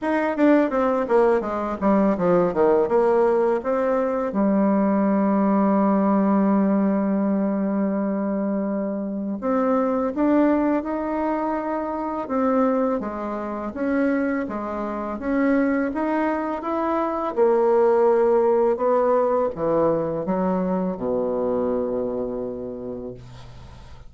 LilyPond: \new Staff \with { instrumentName = "bassoon" } { \time 4/4 \tempo 4 = 83 dis'8 d'8 c'8 ais8 gis8 g8 f8 dis8 | ais4 c'4 g2~ | g1~ | g4 c'4 d'4 dis'4~ |
dis'4 c'4 gis4 cis'4 | gis4 cis'4 dis'4 e'4 | ais2 b4 e4 | fis4 b,2. | }